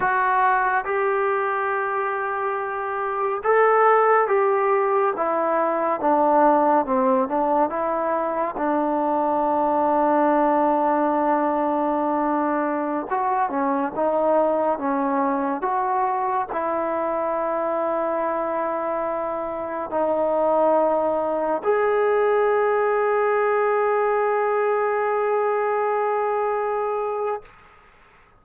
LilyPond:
\new Staff \with { instrumentName = "trombone" } { \time 4/4 \tempo 4 = 70 fis'4 g'2. | a'4 g'4 e'4 d'4 | c'8 d'8 e'4 d'2~ | d'2.~ d'16 fis'8 cis'16~ |
cis'16 dis'4 cis'4 fis'4 e'8.~ | e'2.~ e'16 dis'8.~ | dis'4~ dis'16 gis'2~ gis'8.~ | gis'1 | }